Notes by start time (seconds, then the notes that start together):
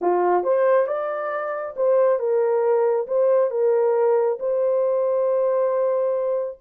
0.01 F4
0.43 C5
0.87 D5
1.76 C5
2.19 A#4
3.07 C5
3.51 A#4
4.39 C5